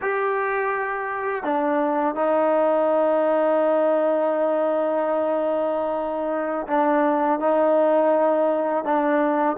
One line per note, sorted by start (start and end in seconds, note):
0.01 1.43 G4
1.43 2.15 D4
2.15 6.67 D#4
6.67 7.39 D4
7.39 8.84 D#4
8.84 9.57 D4